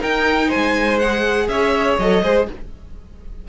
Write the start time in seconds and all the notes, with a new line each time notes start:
0.00 D#4 A#4 G5
0.48 C5 G#5
0.56 G#3
0.99 G#4 F#5
1.48 C#4 C#5 E5
1.98 F#3 A4 D#5
2.23 G#3 G#4 C5